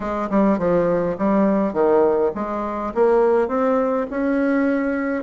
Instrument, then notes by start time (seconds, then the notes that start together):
bassoon
0.00 G#3
0.30 G3
0.58 F3
1.18 G3
1.73 D#3
2.35 G#3
2.94 A#3
3.48 C4
4.10 C#4